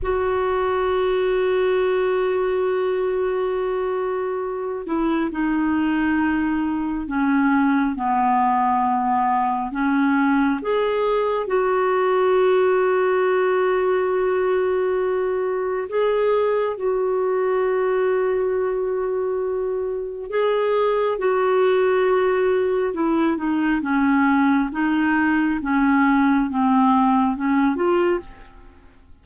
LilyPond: \new Staff \with { instrumentName = "clarinet" } { \time 4/4 \tempo 4 = 68 fis'1~ | fis'4. e'8 dis'2 | cis'4 b2 cis'4 | gis'4 fis'2.~ |
fis'2 gis'4 fis'4~ | fis'2. gis'4 | fis'2 e'8 dis'8 cis'4 | dis'4 cis'4 c'4 cis'8 f'8 | }